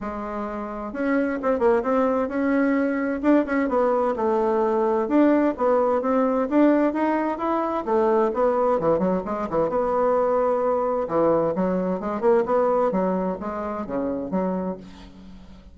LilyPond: \new Staff \with { instrumentName = "bassoon" } { \time 4/4 \tempo 4 = 130 gis2 cis'4 c'8 ais8 | c'4 cis'2 d'8 cis'8 | b4 a2 d'4 | b4 c'4 d'4 dis'4 |
e'4 a4 b4 e8 fis8 | gis8 e8 b2. | e4 fis4 gis8 ais8 b4 | fis4 gis4 cis4 fis4 | }